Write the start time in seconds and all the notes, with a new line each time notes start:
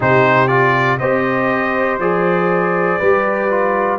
0.00 C3 D#4 G4 C5
0.47 F4 D5
0.99 C4 G4 C5 D#5
1.99 F3 G#4 D5
2.99 G3 G4 B4
3.50 F4